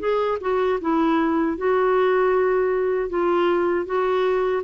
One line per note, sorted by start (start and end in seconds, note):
0.00 0.38 G#4
0.41 0.80 F#4
0.81 1.58 E4
1.58 3.10 F#4
3.10 3.86 F4
3.86 4.63 F#4